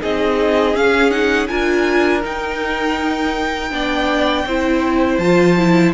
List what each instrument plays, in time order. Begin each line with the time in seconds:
0.00 cello C4, viola D#4, violin G#4 D#5
0.74 viola C#4, cello C#4, violin F5
1.10 viola D#4, violin F#5
1.48 cello D4, viola F4, violin A#4 G#5
2.22 viola D#4, cello D#4, violin G5
3.70 cello B3, viola D4, violin D5
4.46 cello C4, viola E4, violin C5
5.18 cello F3, viola F4, violin A5
5.58 viola E4